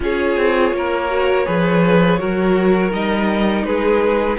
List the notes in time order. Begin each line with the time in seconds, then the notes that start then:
0.00 C#4 F4 G#4 C#5
0.37 C4
0.72 A#3 A#4
1.09 F#4
1.45 F3 G#4 B4
2.18 F#3 F#4 A#4
2.91 G3 D#4 D#5
3.63 G#3 G#4 B4